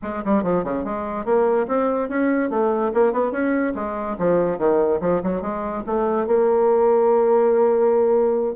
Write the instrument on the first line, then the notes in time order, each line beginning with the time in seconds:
bassoon
0.02 G#3
0.25 G3
0.43 F3
0.64 C#3
0.84 G#3
1.25 A#3
1.67 C4
2.09 C#4
2.50 A3
2.94 A#3
3.12 B3
3.31 C#4
3.75 G#3
4.18 F3
4.58 D#3
5.00 F3
5.23 F#3
5.41 G#3
5.86 A3
6.27 A#3